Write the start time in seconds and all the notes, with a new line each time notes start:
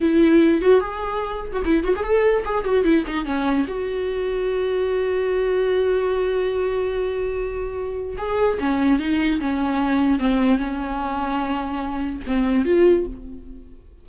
0.00 E4
0.61 F#4
0.80 G#4
1.52 F#4
1.64 E4
1.84 F#4
1.96 G#4
2.03 A4
2.45 G#4
2.64 F#4
2.84 E4
3.07 D#4
3.25 C#4
3.67 F#4
8.17 G#4
8.59 C#4
8.99 D#4
9.40 C#4
10.19 C4
10.58 C#4
12.26 C4
12.65 F4